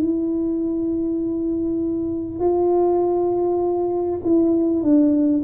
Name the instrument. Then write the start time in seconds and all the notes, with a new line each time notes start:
tuba
0.00 E4
2.39 F4
4.24 E4
4.82 D4